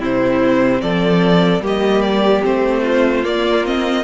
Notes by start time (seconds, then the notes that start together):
0.00 C3 C4 E4 C5
0.81 F3 A4 D5
1.60 G3 A#3 G4
1.67 D#5
2.02 D5
2.43 A3 C4 C5
2.82 F4
3.23 A#3 D5
3.65 C4 D#5